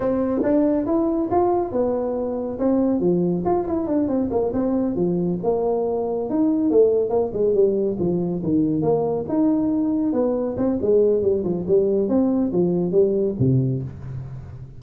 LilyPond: \new Staff \with { instrumentName = "tuba" } { \time 4/4 \tempo 4 = 139 c'4 d'4 e'4 f'4 | b2 c'4 f4 | f'8 e'8 d'8 c'8 ais8 c'4 f8~ | f8 ais2 dis'4 a8~ |
a8 ais8 gis8 g4 f4 dis8~ | dis8 ais4 dis'2 b8~ | b8 c'8 gis4 g8 f8 g4 | c'4 f4 g4 c4 | }